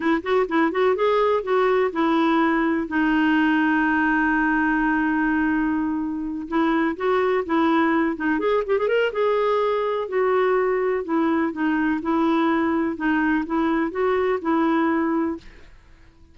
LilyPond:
\new Staff \with { instrumentName = "clarinet" } { \time 4/4 \tempo 4 = 125 e'8 fis'8 e'8 fis'8 gis'4 fis'4 | e'2 dis'2~ | dis'1~ | dis'4. e'4 fis'4 e'8~ |
e'4 dis'8 gis'8 g'16 gis'16 ais'8 gis'4~ | gis'4 fis'2 e'4 | dis'4 e'2 dis'4 | e'4 fis'4 e'2 | }